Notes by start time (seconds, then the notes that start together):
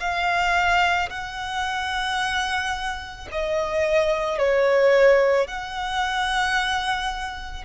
0.00 F5
1.10 F#5
3.31 D#5
4.38 C#5
5.47 F#5